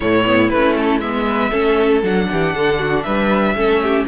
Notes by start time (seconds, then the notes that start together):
0.00 A2 A3 E4 C#5
0.24 B3
0.49 A3 B4
0.55 C#4
0.76 A4
1.00 G#3 B3 E5
1.28 B4
1.51 A3 C#4 A4
2.02 F#3 D4 F#5
2.31 E3 G4
2.54 D3 A4
2.79 F#4
3.02 G3 B4 E5
3.54 A3 C#4 A4
3.82 G4